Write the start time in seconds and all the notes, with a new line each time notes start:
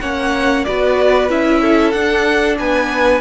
0.00 A#3 C#4 C#5 F#5
0.64 B3 F#4 B4 D5
1.29 C#4 E4 E5
1.61 A4
1.91 D4 F#5
2.58 B3 B4 G#5